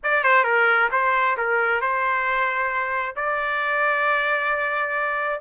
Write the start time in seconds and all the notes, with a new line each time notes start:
0.03 D5
0.23 C5
0.44 A#4
0.91 C5
1.37 A#4
1.81 C5
3.15 D5